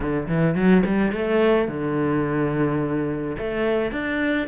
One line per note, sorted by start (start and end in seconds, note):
0.00 0.27 D3
0.28 0.55 E3
0.55 0.83 F#3
0.85 1.12 G3
1.12 1.68 A3
1.68 3.36 D3
3.38 3.91 A3
3.91 4.47 D4